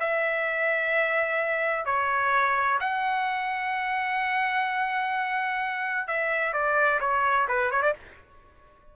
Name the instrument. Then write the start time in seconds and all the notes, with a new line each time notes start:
trumpet
0.00 E5
1.85 C#5
2.80 F#5
6.07 E5
6.53 D5
7.01 C#5
7.48 B4
7.71 C#5
7.82 D5